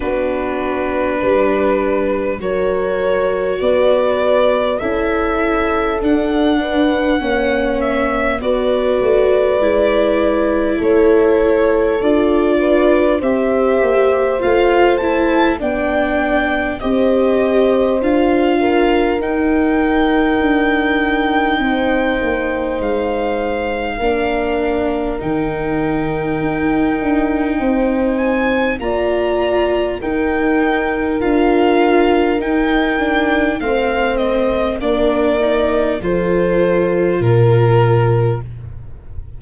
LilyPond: <<
  \new Staff \with { instrumentName = "violin" } { \time 4/4 \tempo 4 = 50 b'2 cis''4 d''4 | e''4 fis''4. e''8 d''4~ | d''4 cis''4 d''4 e''4 | f''8 a''8 g''4 dis''4 f''4 |
g''2. f''4~ | f''4 g''2~ g''8 gis''8 | ais''4 g''4 f''4 g''4 | f''8 dis''8 d''4 c''4 ais'4 | }
  \new Staff \with { instrumentName = "horn" } { \time 4/4 fis'4 b'4 ais'4 b'4 | a'4. b'8 cis''4 b'4~ | b'4 a'4. b'8 c''4~ | c''4 d''4 c''4. ais'8~ |
ais'2 c''2 | ais'2. c''4 | d''4 ais'2. | c''4 ais'4 a'4 ais'4 | }
  \new Staff \with { instrumentName = "viola" } { \time 4/4 d'2 fis'2 | e'4 d'4 cis'4 fis'4 | e'2 f'4 g'4 | f'8 e'8 d'4 g'4 f'4 |
dis'1 | d'4 dis'2. | f'4 dis'4 f'4 dis'8 d'8 | c'4 d'8 dis'8 f'2 | }
  \new Staff \with { instrumentName = "tuba" } { \time 4/4 b4 g4 fis4 b4 | cis'4 d'4 ais4 b8 a8 | gis4 a4 d'4 c'8 ais8 | a4 b4 c'4 d'4 |
dis'4 d'4 c'8 ais8 gis4 | ais4 dis4 dis'8 d'8 c'4 | ais4 dis'4 d'4 dis'4 | a4 ais4 f4 ais,4 | }
>>